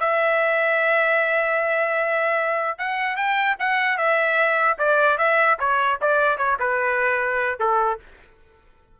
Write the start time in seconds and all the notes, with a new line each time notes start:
0.00 E5
2.78 F#5
3.16 G5
3.59 F#5
3.98 E5
4.79 D5
5.18 E5
5.59 C#5
6.01 D5
6.37 C#5
6.60 B4
7.59 A4